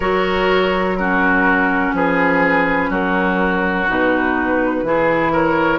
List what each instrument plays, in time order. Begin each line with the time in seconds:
0.00 bassoon F#3, clarinet F#4, oboe A#4, flute C#5
0.96 clarinet C#4, oboe F#4, flute A#4
1.93 bassoon F3, oboe G#4, flute B4
2.89 bassoon F#3, oboe F#4, flute A#4
3.87 bassoon B2, clarinet D#4, flute B4
4.83 bassoon E3, clarinet E4, oboe G#4
5.32 oboe A#4, flute C#5